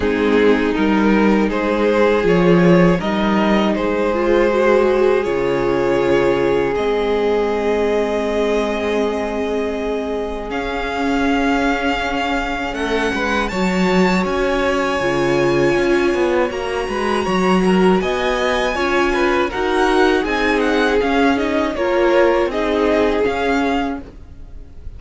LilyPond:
<<
  \new Staff \with { instrumentName = "violin" } { \time 4/4 \tempo 4 = 80 gis'4 ais'4 c''4 cis''4 | dis''4 c''2 cis''4~ | cis''4 dis''2.~ | dis''2 f''2~ |
f''4 fis''4 a''4 gis''4~ | gis''2 ais''2 | gis''2 fis''4 gis''8 fis''8 | f''8 dis''8 cis''4 dis''4 f''4 | }
  \new Staff \with { instrumentName = "violin" } { \time 4/4 dis'2 gis'2 | ais'4 gis'2.~ | gis'1~ | gis'1~ |
gis'4 a'8 b'8 cis''2~ | cis''2~ cis''8 b'8 cis''8 ais'8 | dis''4 cis''8 b'8 ais'4 gis'4~ | gis'4 ais'4 gis'2 | }
  \new Staff \with { instrumentName = "viola" } { \time 4/4 c'4 dis'2 f'4 | dis'4. f'8 fis'4 f'4~ | f'4 c'2.~ | c'2 cis'2~ |
cis'2 fis'2 | f'2 fis'2~ | fis'4 f'4 fis'4 dis'4 | cis'8 dis'8 f'4 dis'4 cis'4 | }
  \new Staff \with { instrumentName = "cello" } { \time 4/4 gis4 g4 gis4 f4 | g4 gis2 cis4~ | cis4 gis2.~ | gis2 cis'2~ |
cis'4 a8 gis8 fis4 cis'4 | cis4 cis'8 b8 ais8 gis8 fis4 | b4 cis'4 dis'4 c'4 | cis'4 ais4 c'4 cis'4 | }
>>